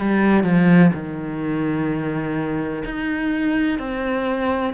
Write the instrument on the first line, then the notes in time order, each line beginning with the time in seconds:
cello
0.00 G3
0.44 F3
0.94 D#3
2.85 D#4
3.79 C4